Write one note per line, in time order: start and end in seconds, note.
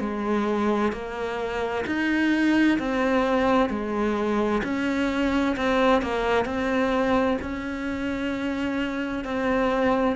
0.00 0.92 G#3
0.92 1.85 A#3
1.86 2.79 D#4
2.79 3.70 C4
3.70 4.62 G#3
4.64 5.56 C#4
5.56 6.02 C4
6.02 6.45 A#3
6.45 7.38 C4
7.42 9.24 C#4
9.24 10.16 C4